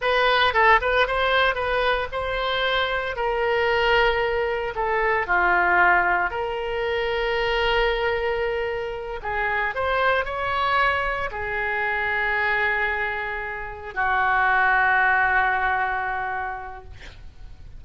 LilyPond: \new Staff \with { instrumentName = "oboe" } { \time 4/4 \tempo 4 = 114 b'4 a'8 b'8 c''4 b'4 | c''2 ais'2~ | ais'4 a'4 f'2 | ais'1~ |
ais'4. gis'4 c''4 cis''8~ | cis''4. gis'2~ gis'8~ | gis'2~ gis'8 fis'4.~ | fis'1 | }